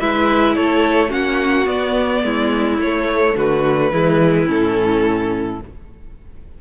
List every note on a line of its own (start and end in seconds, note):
0.00 0.57 G#3
0.00 1.09 E4
0.00 0.56 B4
0.00 0.56 E5
0.56 1.13 A3
0.56 1.10 A4
0.56 1.12 C#5
1.09 1.68 A#3
1.09 1.65 C#4
1.09 2.22 F#4
1.09 1.68 F#5
1.66 2.78 B3
1.66 2.23 B3
1.66 2.80 D5
2.23 2.79 G#3
2.23 3.36 E4
2.79 3.35 A3
2.79 3.93 A3
2.79 3.37 C#5
3.36 3.92 D3
3.36 3.92 F#4
3.36 4.49 B4
3.92 4.48 E3
3.92 4.46 G#3
3.92 5.60 E4
4.46 5.61 A2
4.46 5.59 C#4
4.46 5.62 A4